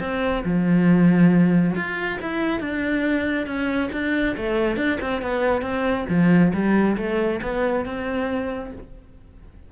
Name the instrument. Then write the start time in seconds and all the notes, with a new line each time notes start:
cello
0.00 C4
0.45 F3
1.75 F4
2.22 E4
2.60 D4
3.47 C#4
3.92 D4
4.37 A3
4.77 D4
5.01 C4
5.22 B3
5.62 C4
6.09 F3
6.53 G3
6.97 A3
7.42 B3
7.85 C4